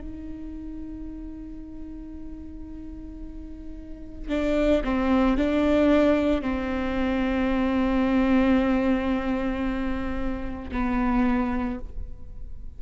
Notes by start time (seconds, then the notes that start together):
0.00 D#4
4.29 D4
4.84 C4
5.37 D4
6.41 C4
10.71 B3